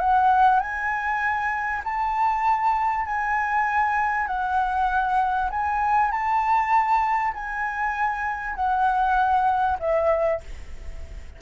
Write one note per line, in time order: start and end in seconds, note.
0.00 0.60 F#5
0.60 1.83 G#5
1.84 3.06 A5
3.06 4.27 G#5
4.27 5.50 F#5
5.50 6.11 G#5
6.11 7.34 A5
7.34 8.55 G#5
8.55 9.78 F#5
9.80 10.41 E5